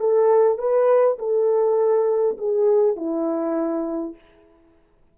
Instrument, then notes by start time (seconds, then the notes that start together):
horn
0.00 A4
0.58 B4
1.19 A4
2.38 G#4
2.96 E4